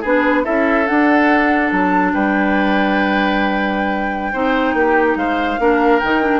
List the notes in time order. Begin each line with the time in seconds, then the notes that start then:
0.00 B3 D4 G#4 B4
0.44 C#4 E4 A4 E5
0.85 D4 F#5
1.71 F#3 A5
2.13 G3 B4 G5
4.32 C4 D#4 C5
4.73 A#3 G4
5.15 G#3 C5 F5
5.59 A#3 D4 A#4
5.99 D#3 D#4 G5
6.21 D4